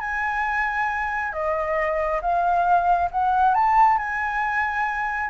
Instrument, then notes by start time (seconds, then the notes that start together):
flute
0.00 G#5
1.33 D#5
2.22 F5
3.11 F#5
3.54 A5
3.98 G#5